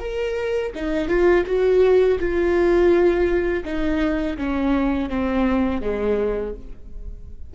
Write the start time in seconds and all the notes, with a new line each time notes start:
0.00 A#4
0.75 D#4
1.08 F4
1.47 F#4
2.19 F4
3.65 D#4
4.38 C#4
5.10 C4
5.82 G#3